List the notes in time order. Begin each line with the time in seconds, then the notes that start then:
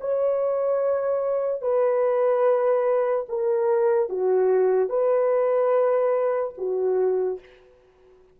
0.00 C#5
1.61 B4
3.29 A#4
4.09 F#4
4.89 B4
6.57 F#4